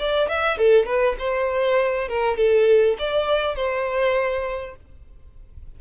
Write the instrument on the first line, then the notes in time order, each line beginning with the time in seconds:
violin
0.00 D5
0.29 E5
0.58 A4
0.86 B4
1.19 C5
2.09 A#4
2.37 A4
2.99 D5
3.56 C5